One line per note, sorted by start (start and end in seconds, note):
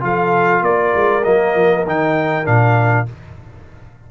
0.00 0.61 F3
0.00 1.22 F4
0.00 0.65 A4
0.00 0.64 F5
0.61 0.92 A#3
0.61 3.11 A#4
0.61 1.24 D5
0.95 1.26 G#3
1.24 1.55 F#3
1.24 1.86 A#3
1.24 1.85 D#5
1.55 1.86 F3
1.86 2.47 D#3
1.86 2.45 D#4
1.86 2.46 G5
2.45 3.08 A#2
2.45 3.06 D4
2.45 3.07 F5